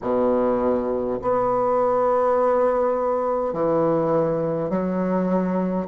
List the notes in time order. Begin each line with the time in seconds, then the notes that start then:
0.01 B2
1.21 B3
3.53 E3
4.69 F#3